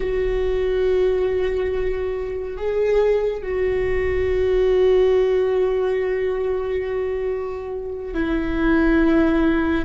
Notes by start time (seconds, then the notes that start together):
0.00 F#4
2.57 G#4
3.42 F#4
8.14 E4